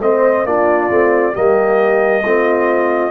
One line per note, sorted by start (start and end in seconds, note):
0.00 0.45 A3
0.00 0.46 C4
0.00 0.47 C5
0.00 0.46 D#5
0.45 0.89 A#3
0.45 0.91 D4
0.45 1.33 F4
0.45 1.35 D5
0.90 1.35 A3
0.90 1.34 C4
1.33 2.24 G3
1.33 2.24 A#3
1.33 2.22 G4
1.33 3.11 D#5
2.24 3.11 A3
2.24 3.11 C4
2.24 3.11 F4